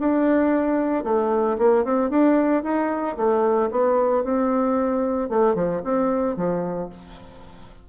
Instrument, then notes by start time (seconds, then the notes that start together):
bassoon
0.00 D4
1.05 A3
1.59 A#3
1.85 C4
2.11 D4
2.64 D#4
3.17 A3
3.71 B3
4.25 C4
5.30 A3
5.55 F3
5.85 C4
6.37 F3